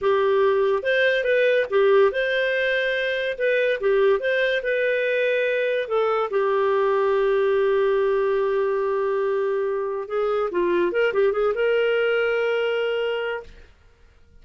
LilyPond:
\new Staff \with { instrumentName = "clarinet" } { \time 4/4 \tempo 4 = 143 g'2 c''4 b'4 | g'4 c''2. | b'4 g'4 c''4 b'4~ | b'2 a'4 g'4~ |
g'1~ | g'1 | gis'4 f'4 ais'8 g'8 gis'8 ais'8~ | ais'1 | }